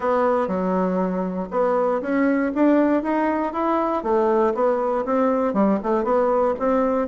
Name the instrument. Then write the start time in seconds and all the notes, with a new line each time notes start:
bassoon
0.00 B3
0.47 F#3
1.50 B3
2.01 C#4
2.54 D4
3.03 D#4
3.52 E4
4.03 A3
4.54 B3
5.05 C4
5.53 G3
5.83 A3
6.03 B3
6.59 C4